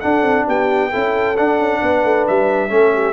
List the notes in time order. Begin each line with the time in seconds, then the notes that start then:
0.00 D4 A4 F#5
0.22 C4
0.47 B3 G4 G5
0.90 C#4 E4 A4
1.37 D4 F#5
1.59 C#4
1.81 B3 B4
2.04 A3
2.27 G3 E5
2.69 A3 C#4 A4
2.94 G4